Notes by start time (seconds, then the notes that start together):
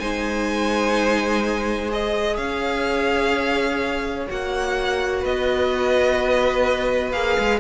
0.00 G#3 D#4 C5 G#5
1.89 G#4 D#5
2.37 C#4 C#5 F5
4.28 A#3 F#4 F#5
5.21 B3 B4 D#5
7.12 A#3 G#4 F5
7.39 G#3